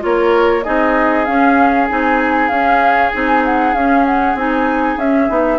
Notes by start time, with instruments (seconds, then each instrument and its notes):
0.00 bassoon A#3, clarinet F4, oboe A#4, flute C#5
0.63 bassoon C4, clarinet D#4, oboe G#4, flute D#5
1.25 clarinet C#4, bassoon C#4, flute F5
1.88 bassoon C4, clarinet D#4, flute G#5
2.48 bassoon C#4, clarinet C#4, flute F5
3.11 bassoon C4, clarinet D#4, flute G#5
3.44 flute F#5
3.74 bassoon C#4, clarinet C#4, flute F5
4.06 flute F#5
4.35 bassoon C4, clarinet D#4, flute G#5
4.96 bassoon C#4, clarinet C#4, flute E5
5.29 bassoon B3, clarinet D#4